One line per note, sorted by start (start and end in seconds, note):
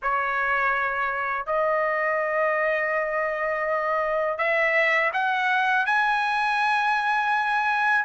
0.02 1.46 C#5
1.46 4.38 D#5
4.38 5.11 E5
5.13 5.86 F#5
5.86 8.05 G#5